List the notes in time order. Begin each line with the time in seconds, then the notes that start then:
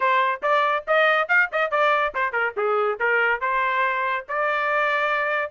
0.00 C5
0.42 D5
0.87 D#5
1.28 F5
1.52 D#5
1.70 D5
2.14 C5
2.32 A#4
2.56 G#4
2.99 A#4
3.40 C5
4.28 D5